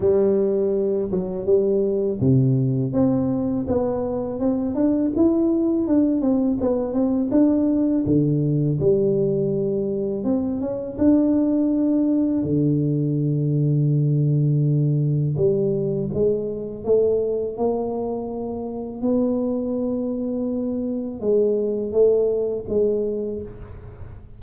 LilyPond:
\new Staff \with { instrumentName = "tuba" } { \time 4/4 \tempo 4 = 82 g4. fis8 g4 c4 | c'4 b4 c'8 d'8 e'4 | d'8 c'8 b8 c'8 d'4 d4 | g2 c'8 cis'8 d'4~ |
d'4 d2.~ | d4 g4 gis4 a4 | ais2 b2~ | b4 gis4 a4 gis4 | }